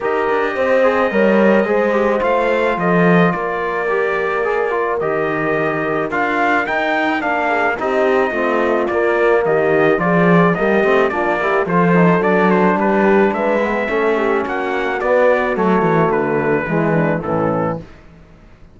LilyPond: <<
  \new Staff \with { instrumentName = "trumpet" } { \time 4/4 \tempo 4 = 108 dis''1 | f''4 dis''4 d''2~ | d''4 dis''2 f''4 | g''4 f''4 dis''2 |
d''4 dis''4 d''4 dis''4 | d''4 c''4 d''8 c''8 b'4 | e''2 fis''4 d''4 | cis''4 b'2 a'4 | }
  \new Staff \with { instrumentName = "horn" } { \time 4/4 ais'4 c''4 cis''4 c''4~ | c''4 a'4 ais'2~ | ais'1~ | ais'4. gis'8 g'4 f'4~ |
f'4 g'4 gis'4 g'4 | f'8 g'8 a'2 g'4 | b'4 a'8 g'8 fis'2~ | fis'2 e'8 d'8 cis'4 | }
  \new Staff \with { instrumentName = "trombone" } { \time 4/4 g'4. gis'8 ais'4 gis'8 g'8 | f'2. g'4 | gis'8 f'8 g'2 f'4 | dis'4 d'4 dis'4 c'4 |
ais2 f'4 ais8 c'8 | d'8 e'8 f'8 dis'8 d'2~ | d'8 b8 cis'2 b4 | a2 gis4 e4 | }
  \new Staff \with { instrumentName = "cello" } { \time 4/4 dis'8 d'8 c'4 g4 gis4 | a4 f4 ais2~ | ais4 dis2 d'4 | dis'4 ais4 c'4 a4 |
ais4 dis4 f4 g8 a8 | ais4 f4 fis4 g4 | gis4 a4 ais4 b4 | fis8 e8 d4 e4 a,4 | }
>>